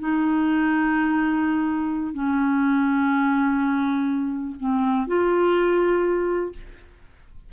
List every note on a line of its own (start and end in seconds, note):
0.00 2.14 D#4
2.14 4.56 C#4
4.60 5.08 C4
5.08 6.53 F4